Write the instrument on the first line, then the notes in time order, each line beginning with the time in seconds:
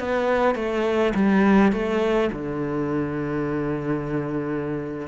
cello
0.00 B3
0.56 A3
1.15 G3
1.72 A3
2.33 D3